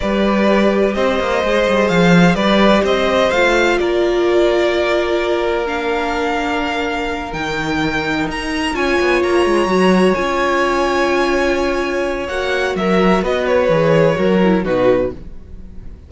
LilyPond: <<
  \new Staff \with { instrumentName = "violin" } { \time 4/4 \tempo 4 = 127 d''2 dis''2 | f''4 d''4 dis''4 f''4 | d''1 | f''2.~ f''8 g''8~ |
g''4. ais''4 gis''4 ais''8~ | ais''4. gis''2~ gis''8~ | gis''2 fis''4 e''4 | dis''8 cis''2~ cis''8 b'4 | }
  \new Staff \with { instrumentName = "violin" } { \time 4/4 b'2 c''2~ | c''4 b'4 c''2 | ais'1~ | ais'1~ |
ais'2~ ais'8 cis''4.~ | cis''1~ | cis''2. ais'4 | b'2 ais'4 fis'4 | }
  \new Staff \with { instrumentName = "viola" } { \time 4/4 g'2. gis'4~ | gis'4 g'2 f'4~ | f'1 | d'2.~ d'8 dis'8~ |
dis'2~ dis'8 f'4.~ | f'8 fis'4 f'2~ f'8~ | f'2 fis'2~ | fis'4 gis'4 fis'8 e'8 dis'4 | }
  \new Staff \with { instrumentName = "cello" } { \time 4/4 g2 c'8 ais8 gis8 g8 | f4 g4 c'4 a4 | ais1~ | ais2.~ ais8 dis8~ |
dis4. dis'4 cis'8 b8 ais8 | gis8 fis4 cis'2~ cis'8~ | cis'2 ais4 fis4 | b4 e4 fis4 b,4 | }
>>